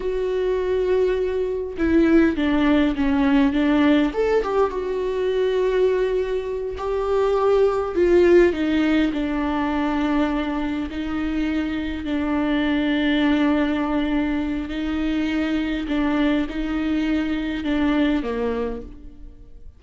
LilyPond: \new Staff \with { instrumentName = "viola" } { \time 4/4 \tempo 4 = 102 fis'2. e'4 | d'4 cis'4 d'4 a'8 g'8 | fis'2.~ fis'8 g'8~ | g'4. f'4 dis'4 d'8~ |
d'2~ d'8 dis'4.~ | dis'8 d'2.~ d'8~ | d'4 dis'2 d'4 | dis'2 d'4 ais4 | }